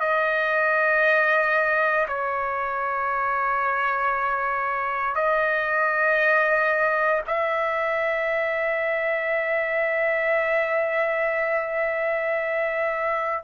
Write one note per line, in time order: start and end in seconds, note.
0.00 2.07 D#5
2.08 5.15 C#5
5.15 7.22 D#5
7.27 13.44 E5